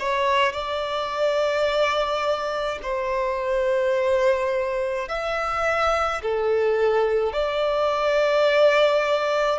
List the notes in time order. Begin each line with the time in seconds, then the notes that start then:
0.00 C#5
0.52 D5
2.83 C5
5.08 E5
6.23 A4
7.33 D5